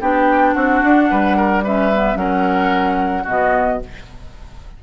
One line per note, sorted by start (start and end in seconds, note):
0.00 0.55 B3
0.00 1.65 D4
0.00 0.54 G4
0.00 0.53 G5
0.53 0.82 C4
0.53 1.09 F#4
0.53 1.62 F#5
0.83 1.10 D4
1.10 2.15 G3
1.10 1.36 B4
1.36 1.63 A#4
1.63 1.92 C#4
1.63 2.18 B4
1.63 2.16 E5
1.93 2.15 B3
2.15 3.24 F#3
2.15 3.24 C#4
2.15 3.23 A#4
2.15 3.26 F#5
3.23 3.82 B2
3.23 3.80 B3
3.23 3.77 F#4
3.23 3.82 D#5